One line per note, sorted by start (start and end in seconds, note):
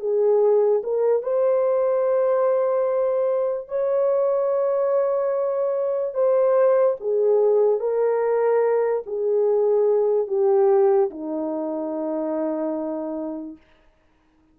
0.00 0.82 G#4
0.84 1.23 A#4
1.23 3.68 C5
3.68 6.14 C#5
6.14 6.96 C5
7.00 7.80 G#4
7.80 9.03 A#4
9.06 10.28 G#4
10.28 11.10 G4
11.11 13.57 D#4